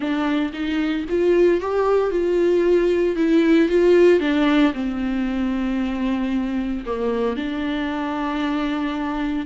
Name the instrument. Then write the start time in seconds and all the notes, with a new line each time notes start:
viola
0.00 D4
0.53 D#4
1.09 F4
1.61 G4
2.11 F4
3.16 E4
3.68 F4
4.20 D4
4.73 C4
6.85 A#3
7.36 D4